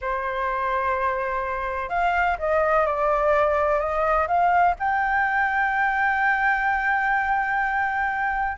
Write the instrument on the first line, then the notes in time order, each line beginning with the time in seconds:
flute
0.01 C5
1.89 F5
2.38 D#5
2.86 D5
3.79 D#5
4.27 F5
4.79 G5